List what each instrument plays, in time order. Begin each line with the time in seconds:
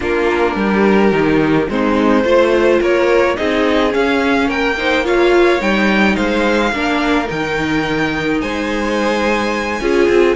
0.00 cello A#3, viola D4, violin F4 A#4
0.55 cello G3, violin G4
1.12 cello D#3, viola D#4
1.69 cello G#3, viola C4, violin D#4 C5
2.24 cello A3, viola F4, violin C5
2.80 cello A#3, violin A#4 C#5
3.36 cello C4, viola D#4, violin G#4 D#5
3.89 viola C#4, cello C#4, violin F5
4.47 cello A#3, violin A#4 G5
4.77 viola D#4, violin C5
5.04 viola F4, violin C#5 F5
5.59 cello G3, viola D#4, violin G5
6.15 cello G#3, violin C5 F5
6.72 cello A#3, viola D4, violin A#4
7.26 cello D#3, viola D#4, violin G5
8.40 cello G#3, violin C5 G#5
9.80 cello C#4, viola F4, violin G#4
10.08 cello C4